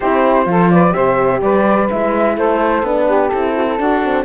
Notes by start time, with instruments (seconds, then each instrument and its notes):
0.00 cello C4, horn E4, saxophone G4, flute C5
0.45 cello F3, horn F4, saxophone A4
0.70 saxophone B4, flute D5
0.90 cello C3, horn G4, saxophone C5, flute E5
1.41 cello G3, saxophone B4, flute D5
1.90 cello G#3, horn E4, flute E5
2.36 cello A3, saxophone A4, flute C5
2.82 cello B3, horn D4, flute B4
3.06 saxophone G4
3.29 cello C4, horn E4, flute A4
3.55 saxophone F#4
3.65 saxophone E4
3.78 horn D4, cello D4, saxophone F#4
4.04 horn C4